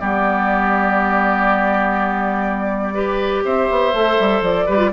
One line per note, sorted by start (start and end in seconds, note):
0.00 3.45 G3
0.00 2.94 B3
0.00 2.94 G4
0.00 3.44 D5
2.94 3.92 G4
2.94 3.44 B4
3.45 3.69 C4
3.45 4.66 C5
3.45 4.43 E5
3.70 3.93 B3
3.93 4.18 A3
3.93 4.69 A4
4.19 4.41 G3
4.41 4.66 F3
4.41 4.93 D5
4.66 4.93 G3
4.66 4.78 G4
4.66 4.90 B4
4.78 4.90 F4